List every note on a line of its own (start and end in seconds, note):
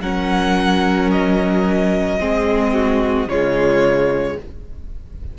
0.00 2.18 F#3
0.00 2.20 C#4
0.00 2.20 A#4
0.00 1.10 F#5
1.12 3.29 D#5
2.20 3.27 G#3
2.20 3.29 C4
2.20 2.74 G#4
2.74 3.29 F#4
3.27 4.36 C#3
3.27 4.38 G#3
3.27 4.39 F4
3.27 4.38 C#5